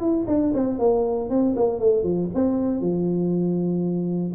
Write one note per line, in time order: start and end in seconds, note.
0.00 0.25 E4
0.27 0.52 D4
0.53 0.78 C4
0.78 1.29 A#3
1.29 1.55 C4
1.56 1.79 A#3
1.79 2.03 A3
2.03 2.28 F3
2.34 2.80 C4
2.80 4.33 F3